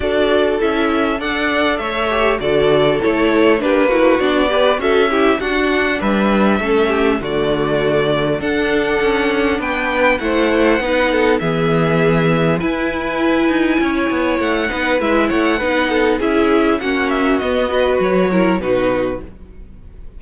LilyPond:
<<
  \new Staff \with { instrumentName = "violin" } { \time 4/4 \tempo 4 = 100 d''4 e''4 fis''4 e''4 | d''4 cis''4 b'4 d''4 | e''4 fis''4 e''2 | d''2 fis''2 |
g''4 fis''2 e''4~ | e''4 gis''2. | fis''4 e''8 fis''4. e''4 | fis''8 e''8 dis''4 cis''4 b'4 | }
  \new Staff \with { instrumentName = "violin" } { \time 4/4 a'2 d''4 cis''4 | a'2 g'8 fis'4 b'8 | a'8 g'8 fis'4 b'4 a'8 g'8 | fis'2 a'2 |
b'4 c''4 b'8 a'8 gis'4~ | gis'4 b'2 cis''4~ | cis''8 b'4 cis''8 b'8 a'8 gis'4 | fis'4. b'4 ais'8 fis'4 | }
  \new Staff \with { instrumentName = "viola" } { \time 4/4 fis'4 e'4 a'4. g'8 | fis'4 e'4 d'8 e'8 d'8 g'8 | fis'8 e'8 d'2 cis'4 | a2 d'2~ |
d'4 e'4 dis'4 b4~ | b4 e'2.~ | e'8 dis'8 e'4 dis'4 e'4 | cis'4 b8 fis'4 e'8 dis'4 | }
  \new Staff \with { instrumentName = "cello" } { \time 4/4 d'4 cis'4 d'4 a4 | d4 a4 ais4 b4 | cis'4 d'4 g4 a4 | d2 d'4 cis'4 |
b4 a4 b4 e4~ | e4 e'4. dis'8 cis'8 b8 | a8 b8 gis8 a8 b4 cis'4 | ais4 b4 fis4 b,4 | }
>>